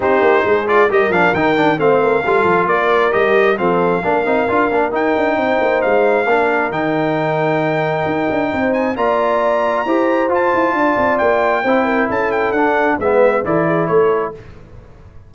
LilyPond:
<<
  \new Staff \with { instrumentName = "trumpet" } { \time 4/4 \tempo 4 = 134 c''4. d''8 dis''8 f''8 g''4 | f''2 d''4 dis''4 | f''2. g''4~ | g''4 f''2 g''4~ |
g''2.~ g''8 gis''8 | ais''2. a''4~ | a''4 g''2 a''8 g''8 | fis''4 e''4 d''4 cis''4 | }
  \new Staff \with { instrumentName = "horn" } { \time 4/4 g'4 gis'4 ais'2 | c''8 ais'8 a'4 ais'2 | a'4 ais'2. | c''2 ais'2~ |
ais'2. c''4 | d''2 c''2 | d''2 c''8 ais'8 a'4~ | a'4 b'4 a'8 gis'8 a'4 | }
  \new Staff \with { instrumentName = "trombone" } { \time 4/4 dis'4. f'8 g'8 d'8 dis'8 d'8 | c'4 f'2 g'4 | c'4 d'8 dis'8 f'8 d'8 dis'4~ | dis'2 d'4 dis'4~ |
dis'1 | f'2 g'4 f'4~ | f'2 e'2 | d'4 b4 e'2 | }
  \new Staff \with { instrumentName = "tuba" } { \time 4/4 c'8 ais8 gis4 g8 f8 dis4 | a4 g8 f8 ais4 g4 | f4 ais8 c'8 d'8 ais8 dis'8 d'8 | c'8 ais8 gis4 ais4 dis4~ |
dis2 dis'8 d'8 c'4 | ais2 e'4 f'8 e'8 | d'8 c'8 ais4 c'4 cis'4 | d'4 gis4 e4 a4 | }
>>